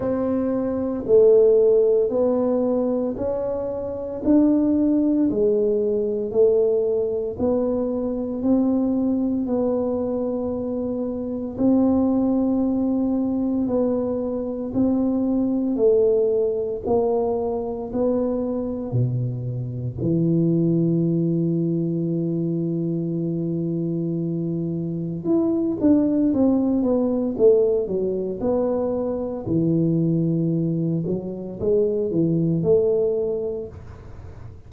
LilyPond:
\new Staff \with { instrumentName = "tuba" } { \time 4/4 \tempo 4 = 57 c'4 a4 b4 cis'4 | d'4 gis4 a4 b4 | c'4 b2 c'4~ | c'4 b4 c'4 a4 |
ais4 b4 b,4 e4~ | e1 | e'8 d'8 c'8 b8 a8 fis8 b4 | e4. fis8 gis8 e8 a4 | }